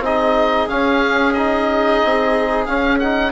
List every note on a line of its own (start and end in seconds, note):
0.00 0.66 C4
0.00 0.68 D#4
0.00 3.32 G#4
0.00 0.69 D#5
0.68 1.34 C#4
0.68 2.02 C#4
0.68 1.33 F5
1.33 2.68 D#4
1.33 2.65 D#5
2.04 2.67 C4
2.66 3.32 C#4
2.66 3.01 C#4
2.66 2.99 F5
2.99 3.32 D#4
2.99 3.32 F#5